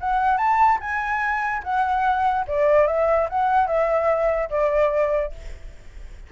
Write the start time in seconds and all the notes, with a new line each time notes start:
0.00 F#5
0.37 A5
0.80 G#5
1.63 F#5
2.48 D5
2.87 E5
3.29 F#5
3.67 E5
4.50 D5